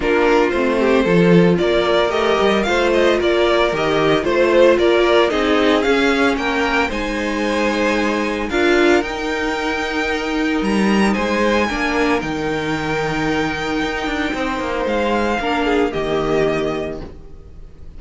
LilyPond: <<
  \new Staff \with { instrumentName = "violin" } { \time 4/4 \tempo 4 = 113 ais'4 c''2 d''4 | dis''4 f''8 dis''8 d''4 dis''4 | c''4 d''4 dis''4 f''4 | g''4 gis''2. |
f''4 g''2. | ais''4 gis''2 g''4~ | g''1 | f''2 dis''2 | }
  \new Staff \with { instrumentName = "violin" } { \time 4/4 f'4. g'8 a'4 ais'4~ | ais'4 c''4 ais'2 | c''4 ais'4 gis'2 | ais'4 c''2. |
ais'1~ | ais'4 c''4 ais'2~ | ais'2. c''4~ | c''4 ais'8 gis'8 g'2 | }
  \new Staff \with { instrumentName = "viola" } { \time 4/4 d'4 c'4 f'2 | g'4 f'2 g'4 | f'2 dis'4 cis'4~ | cis'4 dis'2. |
f'4 dis'2.~ | dis'2 d'4 dis'4~ | dis'1~ | dis'4 d'4 ais2 | }
  \new Staff \with { instrumentName = "cello" } { \time 4/4 ais4 a4 f4 ais4 | a8 g8 a4 ais4 dis4 | a4 ais4 c'4 cis'4 | ais4 gis2. |
d'4 dis'2. | g4 gis4 ais4 dis4~ | dis2 dis'8 d'8 c'8 ais8 | gis4 ais4 dis2 | }
>>